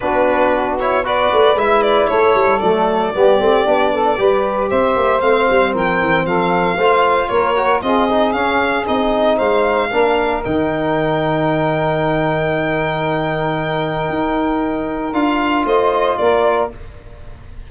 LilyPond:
<<
  \new Staff \with { instrumentName = "violin" } { \time 4/4 \tempo 4 = 115 b'4. cis''8 d''4 e''8 d''8 | cis''4 d''2.~ | d''4 e''4 f''4 g''4 | f''2 cis''4 dis''4 |
f''4 dis''4 f''2 | g''1~ | g''1~ | g''4 f''4 dis''4 d''4 | }
  \new Staff \with { instrumentName = "saxophone" } { \time 4/4 fis'2 b'2 | a'2 g'4. a'8 | b'4 c''2 ais'4 | a'4 c''4 ais'4 gis'4~ |
gis'2 c''4 ais'4~ | ais'1~ | ais'1~ | ais'2 c''4 ais'4 | }
  \new Staff \with { instrumentName = "trombone" } { \time 4/4 d'4. e'8 fis'4 e'4~ | e'4 a4 b8 c'8 d'4 | g'2 c'2~ | c'4 f'4. fis'8 f'8 dis'8 |
cis'4 dis'2 d'4 | dis'1~ | dis'1~ | dis'4 f'2. | }
  \new Staff \with { instrumentName = "tuba" } { \time 4/4 b2~ b8 a8 gis4 | a8 g8 fis4 g8 a8 b4 | g4 c'8 ais8 a8 g8 f8 e8 | f4 a4 ais4 c'4 |
cis'4 c'4 gis4 ais4 | dis1~ | dis2. dis'4~ | dis'4 d'4 a4 ais4 | }
>>